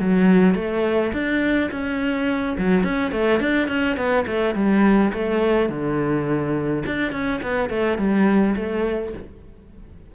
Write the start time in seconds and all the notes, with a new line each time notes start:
0.00 F#3
0.55 A3
1.13 D4
1.71 C#4
2.58 F#3
2.84 C#4
3.12 A3
3.40 D4
3.68 C#4
3.97 B3
4.27 A3
4.55 G3
5.13 A3
5.70 D3
6.86 D4
7.12 C#4
7.43 B3
7.70 A3
7.98 G3
8.56 A3